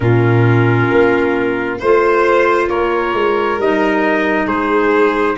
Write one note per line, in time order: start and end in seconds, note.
0.00 0.87 A#2
0.00 1.78 C#4
0.00 1.78 F4
0.00 1.79 A#4
0.91 1.80 A#3
1.78 2.68 A3
1.78 3.60 F4
1.78 2.68 C5
1.78 2.69 C5
2.68 3.13 A#3
2.68 4.46 A#4
2.68 3.58 C#5
3.13 3.58 G#3
3.58 4.47 G3
3.58 5.37 D#4
3.58 4.47 D#5
4.46 5.36 G#3
4.46 5.35 G#4
4.46 5.37 C5